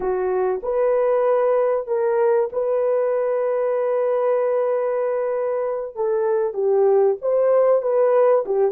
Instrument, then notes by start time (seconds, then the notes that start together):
horn
0.00 F#4
0.62 B4
1.87 A#4
2.52 B4
5.95 A4
6.53 G4
7.21 C5
7.82 B4
8.45 G4